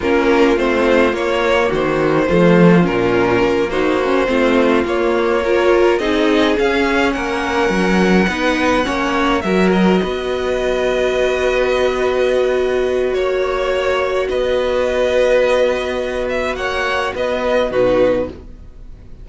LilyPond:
<<
  \new Staff \with { instrumentName = "violin" } { \time 4/4 \tempo 4 = 105 ais'4 c''4 cis''4 c''4~ | c''4 ais'4. c''4.~ | c''8 cis''2 dis''4 f''8~ | f''8 fis''2.~ fis''8~ |
fis''8 e''8 dis''2.~ | dis''2. cis''4~ | cis''4 dis''2.~ | dis''8 e''8 fis''4 dis''4 b'4 | }
  \new Staff \with { instrumentName = "violin" } { \time 4/4 f'2. fis'4 | f'2~ f'8 fis'4 f'8~ | f'4. ais'4 gis'4.~ | gis'8 ais'2 b'4 cis''8~ |
cis''8 ais'4 b'2~ b'8~ | b'2. cis''4~ | cis''4 b'2.~ | b'4 cis''4 b'4 fis'4 | }
  \new Staff \with { instrumentName = "viola" } { \time 4/4 cis'4 c'4 ais2 | a4 cis'4. dis'8 cis'8 c'8~ | c'8 ais4 f'4 dis'4 cis'8~ | cis'2~ cis'8 dis'4 cis'8~ |
cis'8 fis'2.~ fis'8~ | fis'1~ | fis'1~ | fis'2. dis'4 | }
  \new Staff \with { instrumentName = "cello" } { \time 4/4 ais4 a4 ais4 dis4 | f4 ais,4 ais4. a8~ | a8 ais2 c'4 cis'8~ | cis'8 ais4 fis4 b4 ais8~ |
ais8 fis4 b2~ b8~ | b2. ais4~ | ais4 b2.~ | b4 ais4 b4 b,4 | }
>>